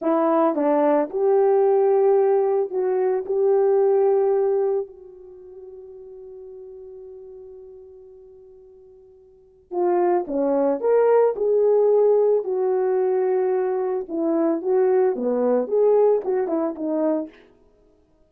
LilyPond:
\new Staff \with { instrumentName = "horn" } { \time 4/4 \tempo 4 = 111 e'4 d'4 g'2~ | g'4 fis'4 g'2~ | g'4 fis'2.~ | fis'1~ |
fis'2 f'4 cis'4 | ais'4 gis'2 fis'4~ | fis'2 e'4 fis'4 | b4 gis'4 fis'8 e'8 dis'4 | }